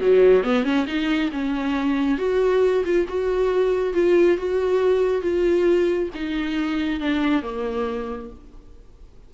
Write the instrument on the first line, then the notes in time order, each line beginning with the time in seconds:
viola
0.00 F#3
0.43 B3
0.64 C#4
0.86 D#4
1.32 C#4
2.18 F#4
2.84 F4
3.08 F#4
3.94 F4
4.38 F#4
5.22 F4
6.14 D#4
7.00 D4
7.42 A#3